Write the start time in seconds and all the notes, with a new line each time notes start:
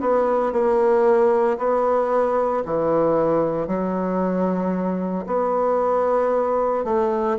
0.00 B3
0.52 A#3
1.57 B3
2.65 E3
3.67 F#3
5.26 B3
6.84 A3